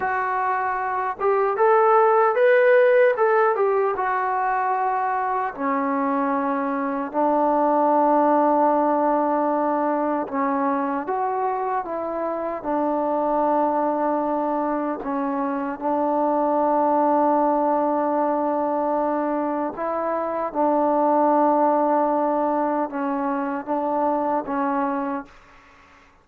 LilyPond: \new Staff \with { instrumentName = "trombone" } { \time 4/4 \tempo 4 = 76 fis'4. g'8 a'4 b'4 | a'8 g'8 fis'2 cis'4~ | cis'4 d'2.~ | d'4 cis'4 fis'4 e'4 |
d'2. cis'4 | d'1~ | d'4 e'4 d'2~ | d'4 cis'4 d'4 cis'4 | }